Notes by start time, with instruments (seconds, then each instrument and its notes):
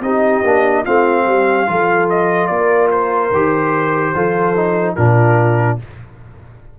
0.00 tuba C4, trombone D#4, horn G4, trumpet D#5
0.44 tuba A#3, trombone D4
0.83 tuba A3, trombone C4, horn F4, trumpet F5
1.25 tuba G3, horn G4
1.66 tuba F3, trombone F4, horn A4
2.09 trumpet D#5
2.47 tuba A#3, horn A#4, trumpet D5
2.91 trumpet C5
3.31 tuba D#3, trombone G4
4.14 tuba F3, trombone F4, horn A4
4.55 trombone D#4
4.95 tuba A#2, trombone D4, horn F4, trumpet A#4